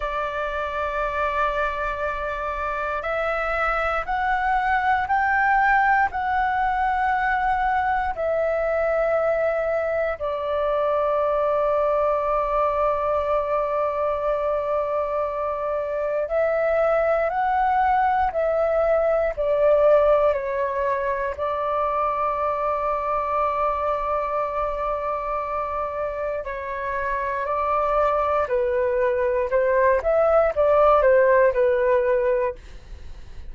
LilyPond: \new Staff \with { instrumentName = "flute" } { \time 4/4 \tempo 4 = 59 d''2. e''4 | fis''4 g''4 fis''2 | e''2 d''2~ | d''1 |
e''4 fis''4 e''4 d''4 | cis''4 d''2.~ | d''2 cis''4 d''4 | b'4 c''8 e''8 d''8 c''8 b'4 | }